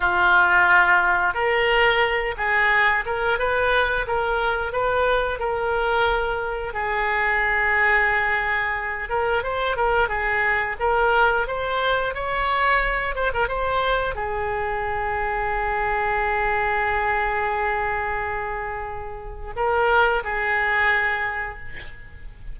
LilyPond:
\new Staff \with { instrumentName = "oboe" } { \time 4/4 \tempo 4 = 89 f'2 ais'4. gis'8~ | gis'8 ais'8 b'4 ais'4 b'4 | ais'2 gis'2~ | gis'4. ais'8 c''8 ais'8 gis'4 |
ais'4 c''4 cis''4. c''16 ais'16 | c''4 gis'2.~ | gis'1~ | gis'4 ais'4 gis'2 | }